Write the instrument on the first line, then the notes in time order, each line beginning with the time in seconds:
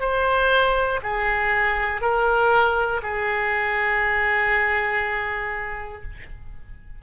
oboe
0.00 C5
1.02 G#4
2.01 A#4
3.02 G#4